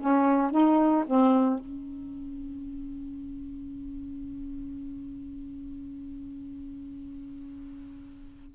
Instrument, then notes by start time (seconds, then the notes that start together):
saxophone
0.00 C#4
0.51 D#4
1.07 C4
1.59 C#4